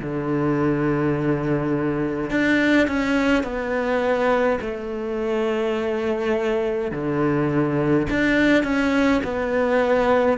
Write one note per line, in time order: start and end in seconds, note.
0.00 2.30 D3
2.30 2.87 D4
2.87 3.44 C#4
3.44 4.59 B3
4.62 6.92 A3
6.92 8.07 D3
8.10 8.64 D4
8.64 9.22 C#4
9.24 10.38 B3